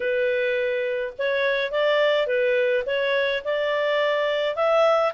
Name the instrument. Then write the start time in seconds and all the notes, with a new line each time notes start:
clarinet
0.00 B4
1.18 C#5
1.71 D5
2.26 B4
2.86 C#5
3.44 D5
4.55 E5